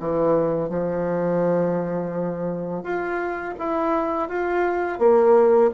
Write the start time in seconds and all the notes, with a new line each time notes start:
0.00 E3
0.69 F3
2.83 F4
3.59 E4
4.29 F4
4.99 A#3